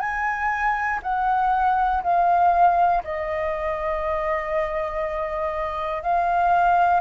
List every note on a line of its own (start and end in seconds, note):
0.00 1.00 G#5
1.03 2.03 F#5
2.04 3.04 F5
3.04 6.03 D#5
6.03 7.01 F5